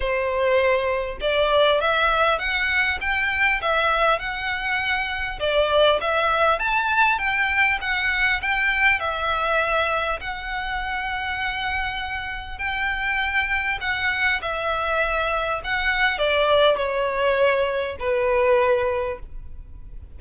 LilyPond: \new Staff \with { instrumentName = "violin" } { \time 4/4 \tempo 4 = 100 c''2 d''4 e''4 | fis''4 g''4 e''4 fis''4~ | fis''4 d''4 e''4 a''4 | g''4 fis''4 g''4 e''4~ |
e''4 fis''2.~ | fis''4 g''2 fis''4 | e''2 fis''4 d''4 | cis''2 b'2 | }